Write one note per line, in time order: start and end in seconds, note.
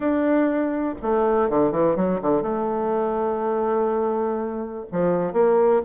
0.00 0.95 D4
1.01 1.49 A3
1.49 1.71 D3
1.71 1.95 E3
1.95 2.20 F#3
2.21 2.42 D3
2.42 4.86 A3
4.92 5.32 F3
5.32 5.81 A#3